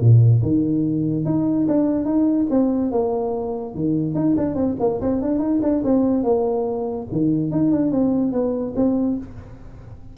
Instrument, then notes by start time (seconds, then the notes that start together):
tuba
0.00 A#2
0.42 D#3
1.25 D#4
1.68 D4
2.05 D#4
2.50 C4
2.91 A#3
3.75 D#3
4.14 D#4
4.37 D4
4.55 C4
4.80 A#3
5.01 C4
5.22 D4
5.39 D#4
5.62 D4
5.84 C4
6.23 A#3
7.12 D#3
7.51 D#4
7.71 D4
7.91 C4
8.32 B3
8.76 C4